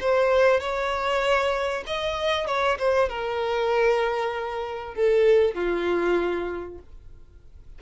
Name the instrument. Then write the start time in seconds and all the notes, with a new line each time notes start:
violin
0.00 C5
0.60 C#5
1.86 D#5
2.47 C#5
2.78 C5
3.09 A#4
4.94 A4
5.54 F4